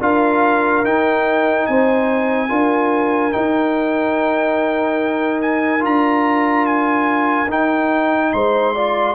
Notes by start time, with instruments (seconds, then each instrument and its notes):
0.00 tuba D4, trombone F4, horn A#4, trumpet F5
0.84 tuba D#4, trombone D#4, trumpet G5
1.66 tuba C4, horn C5, trumpet G#5
2.49 tuba D4, trombone F4, horn A#4
3.32 trombone D#4, tuba D#4, trumpet G5
5.41 trumpet G#5
5.80 tuba D4, trombone F4, trumpet A#5
6.66 trumpet G#5
7.48 tuba D#4, trombone D#4, trumpet G5
8.33 tuba G#3, horn C5, trumpet C6
8.74 trombone F4, horn D5